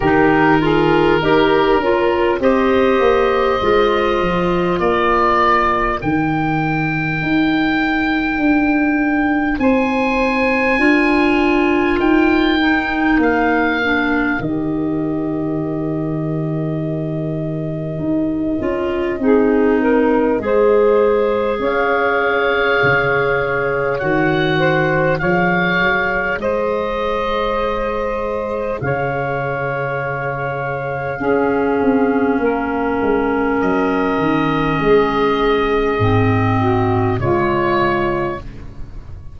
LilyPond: <<
  \new Staff \with { instrumentName = "oboe" } { \time 4/4 \tempo 4 = 50 ais'2 dis''2 | d''4 g''2. | gis''2 g''4 f''4 | dis''1~ |
dis''2 f''2 | fis''4 f''4 dis''2 | f''1 | dis''2. cis''4 | }
  \new Staff \with { instrumentName = "saxophone" } { \time 4/4 g'8 gis'8 ais'4 c''2 | ais'1 | c''4 ais'2.~ | ais'1 |
gis'8 ais'8 c''4 cis''2~ | cis''8 c''8 cis''4 c''2 | cis''2 gis'4 ais'4~ | ais'4 gis'4. fis'8 f'4 | }
  \new Staff \with { instrumentName = "clarinet" } { \time 4/4 dis'8 f'8 g'8 f'8 g'4 f'4~ | f'4 dis'2.~ | dis'4 f'4. dis'4 d'8 | g'2.~ g'8 f'8 |
dis'4 gis'2. | fis'4 gis'2.~ | gis'2 cis'2~ | cis'2 c'4 gis4 | }
  \new Staff \with { instrumentName = "tuba" } { \time 4/4 dis4 dis'8 cis'8 c'8 ais8 gis8 f8 | ais4 dis4 dis'4 d'4 | c'4 d'4 dis'4 ais4 | dis2. dis'8 cis'8 |
c'4 gis4 cis'4 cis4 | dis4 f8 fis8 gis2 | cis2 cis'8 c'8 ais8 gis8 | fis8 dis8 gis4 gis,4 cis4 | }
>>